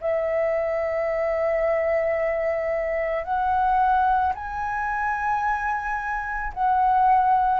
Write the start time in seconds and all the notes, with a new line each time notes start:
0.00 E5
3.24 F#5
4.34 G#5
6.54 F#5